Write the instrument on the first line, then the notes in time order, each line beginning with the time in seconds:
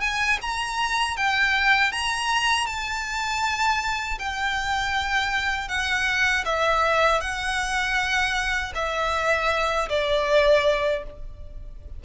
violin
0.00 G#5
0.41 A#5
1.16 G5
1.92 A#5
2.66 A5
4.18 G5
5.68 F#5
6.45 E5
7.21 F#5
8.75 E5
9.89 D5